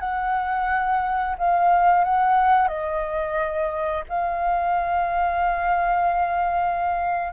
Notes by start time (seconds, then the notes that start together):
0.00 F#5
1.39 F5
2.05 F#5
2.68 D#5
4.09 F5